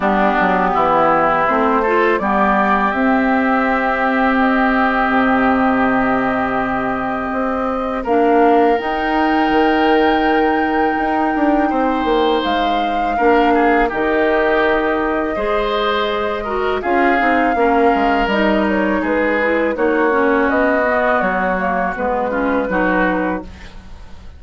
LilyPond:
<<
  \new Staff \with { instrumentName = "flute" } { \time 4/4 \tempo 4 = 82 g'2 c''4 d''4 | e''2 dis''2~ | dis''2. f''4 | g''1~ |
g''4 f''2 dis''4~ | dis''2. f''4~ | f''4 dis''8 cis''8 b'4 cis''4 | dis''4 cis''4 b'2 | }
  \new Staff \with { instrumentName = "oboe" } { \time 4/4 d'4 e'4. a'8 g'4~ | g'1~ | g'2. ais'4~ | ais'1 |
c''2 ais'8 gis'8 g'4~ | g'4 c''4. ais'8 gis'4 | ais'2 gis'4 fis'4~ | fis'2~ fis'8 f'8 fis'4 | }
  \new Staff \with { instrumentName = "clarinet" } { \time 4/4 b2 c'8 f'8 b4 | c'1~ | c'2. d'4 | dis'1~ |
dis'2 d'4 dis'4~ | dis'4 gis'4. fis'8 f'8 dis'8 | cis'4 dis'4. e'8 dis'8 cis'8~ | cis'8 b4 ais8 b8 cis'8 dis'4 | }
  \new Staff \with { instrumentName = "bassoon" } { \time 4/4 g8 fis8 e4 a4 g4 | c'2. c4~ | c2 c'4 ais4 | dis'4 dis2 dis'8 d'8 |
c'8 ais8 gis4 ais4 dis4~ | dis4 gis2 cis'8 c'8 | ais8 gis8 g4 gis4 ais4 | b4 fis4 gis4 fis4 | }
>>